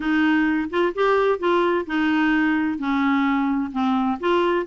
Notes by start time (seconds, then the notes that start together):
0.00 D#4
0.70 F4
0.95 G4
1.39 F4
1.86 D#4
2.78 C#4
3.71 C4
4.19 F4